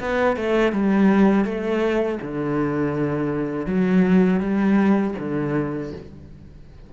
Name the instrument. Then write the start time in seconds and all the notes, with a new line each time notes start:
cello
0.00 B3
0.36 A3
0.72 G3
1.44 A3
2.21 D3
3.66 F#3
4.40 G3
5.19 D3